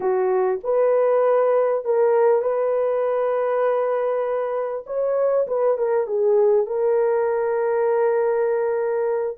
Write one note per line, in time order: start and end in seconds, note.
0.00 0.60 F#4
0.63 1.84 B4
1.85 2.42 A#4
2.42 4.84 B4
4.86 5.47 C#5
5.47 5.77 B4
5.77 6.06 A#4
6.06 6.66 G#4
6.66 9.37 A#4